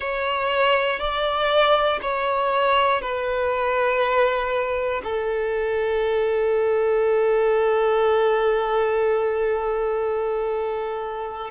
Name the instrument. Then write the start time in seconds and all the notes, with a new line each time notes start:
violin
0.00 C#5
0.99 D5
2.01 C#5
3.01 B4
5.03 A4